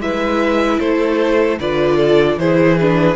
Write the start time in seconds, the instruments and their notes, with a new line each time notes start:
0.00 cello G#3, viola E4, violin B4 E5
0.80 cello A3, violin A4 C5
1.60 cello D3, viola F4, violin B4 D5
1.97 violin A4
2.37 cello E3, viola E4, violin G#4 C5
2.78 viola D4, violin B4